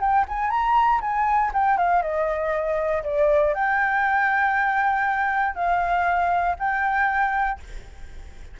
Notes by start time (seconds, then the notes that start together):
0.00 G5
0.28 G#5
0.50 A#5
1.01 G#5
1.53 G5
1.77 F5
2.02 D#5
3.03 D5
3.54 G5
5.55 F5
6.59 G5